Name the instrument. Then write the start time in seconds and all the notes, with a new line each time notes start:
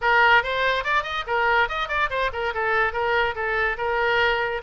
oboe
0.01 A#4
0.43 C5
0.84 D5
1.03 D#5
1.26 A#4
1.68 D#5
1.88 D5
2.10 C5
2.32 A#4
2.53 A4
2.92 A#4
3.35 A4
3.77 A#4